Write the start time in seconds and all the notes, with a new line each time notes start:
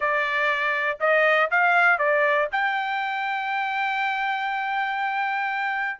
0.00 D5
1.00 D#5
1.50 F5
1.98 D5
2.51 G5